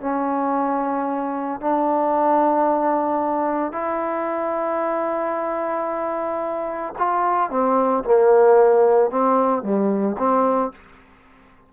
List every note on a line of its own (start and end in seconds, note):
0.00 1.60 C#4
1.60 3.72 D4
3.72 6.93 E4
6.98 7.50 F4
7.50 8.04 C4
8.04 9.10 A#3
9.10 9.62 C4
9.62 10.16 G3
10.18 10.72 C4